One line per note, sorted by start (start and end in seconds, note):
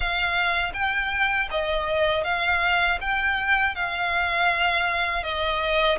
0.00 0.72 F5
0.73 1.48 G5
1.50 2.23 D#5
2.23 2.98 F5
3.00 3.75 G5
3.75 5.23 F5
5.23 5.98 D#5